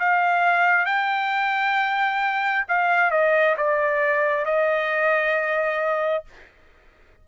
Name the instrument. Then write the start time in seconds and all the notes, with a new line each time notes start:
trumpet
0.00 F5
0.86 G5
2.69 F5
3.11 D#5
3.57 D5
4.45 D#5